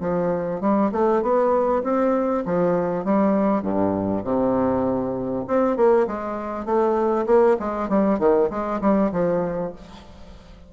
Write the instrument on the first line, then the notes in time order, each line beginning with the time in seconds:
bassoon
0.00 F3
0.60 G3
0.92 A3
1.22 B3
1.83 C4
2.45 F3
3.04 G3
3.62 G2
4.23 C3
5.47 C4
5.76 A#3
6.07 G#3
6.65 A3
7.26 A#3
7.59 G#3
7.89 G3
8.19 D#3
8.50 G#3
8.81 G3
9.12 F3